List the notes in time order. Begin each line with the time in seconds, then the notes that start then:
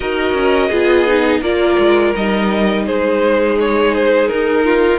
0.00 D#4 F#4 A#4 D#5
0.33 C#4
0.68 B3 F4 G#4
1.07 D#4
1.40 A#3 F4 A#4 D5
1.79 G#3
2.15 G3 D#4 D#5
2.86 G#3 G#4 C5
3.59 C#5
3.94 C5
4.28 D#4 A#4
4.64 F4